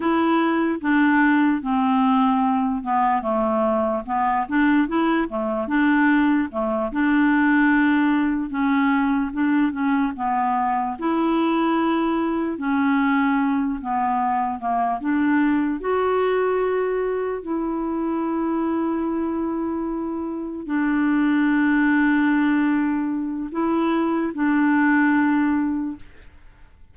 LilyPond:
\new Staff \with { instrumentName = "clarinet" } { \time 4/4 \tempo 4 = 74 e'4 d'4 c'4. b8 | a4 b8 d'8 e'8 a8 d'4 | a8 d'2 cis'4 d'8 | cis'8 b4 e'2 cis'8~ |
cis'4 b4 ais8 d'4 fis'8~ | fis'4. e'2~ e'8~ | e'4. d'2~ d'8~ | d'4 e'4 d'2 | }